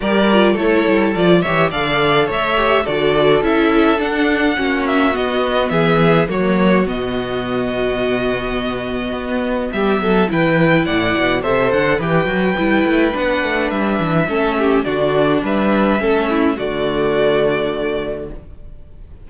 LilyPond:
<<
  \new Staff \with { instrumentName = "violin" } { \time 4/4 \tempo 4 = 105 d''4 cis''4 d''8 e''8 f''4 | e''4 d''4 e''4 fis''4~ | fis''8 e''8 dis''4 e''4 cis''4 | dis''1~ |
dis''4 e''4 g''4 fis''4 | e''8 fis''8 g''2 fis''4 | e''2 d''4 e''4~ | e''4 d''2. | }
  \new Staff \with { instrumentName = "violin" } { \time 4/4 ais'4 a'4. cis''8 d''4 | cis''4 a'2. | fis'2 gis'4 fis'4~ | fis'1~ |
fis'4 g'8 a'8 b'4 d''4 | c''4 b'2.~ | b'4 a'8 g'8 fis'4 b'4 | a'8 e'8 fis'2. | }
  \new Staff \with { instrumentName = "viola" } { \time 4/4 g'8 f'8 e'4 f'8 g'8 a'4~ | a'8 g'8 fis'4 e'4 d'4 | cis'4 b2 ais4 | b1~ |
b2 e'2 | a'4 g'8 fis'8 e'4 d'4~ | d'4 cis'4 d'2 | cis'4 a2. | }
  \new Staff \with { instrumentName = "cello" } { \time 4/4 g4 a8 g8 f8 e8 d4 | a4 d4 cis'4 d'4 | ais4 b4 e4 fis4 | b,1 |
b4 g8 fis8 e4 a,8 b,8 | c8 d8 e8 fis8 g8 a8 b8 a8 | g8 e8 a4 d4 g4 | a4 d2. | }
>>